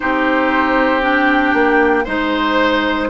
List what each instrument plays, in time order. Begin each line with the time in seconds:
0.00 bassoon C4, clarinet D#4, oboe G4, flute C5
1.01 clarinet D4, flute G5
1.53 bassoon A#3
2.04 bassoon G#3, clarinet D#4, oboe C5, flute C5